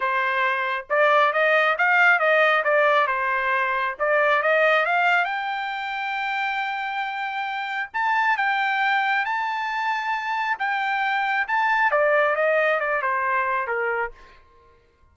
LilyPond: \new Staff \with { instrumentName = "trumpet" } { \time 4/4 \tempo 4 = 136 c''2 d''4 dis''4 | f''4 dis''4 d''4 c''4~ | c''4 d''4 dis''4 f''4 | g''1~ |
g''2 a''4 g''4~ | g''4 a''2. | g''2 a''4 d''4 | dis''4 d''8 c''4. ais'4 | }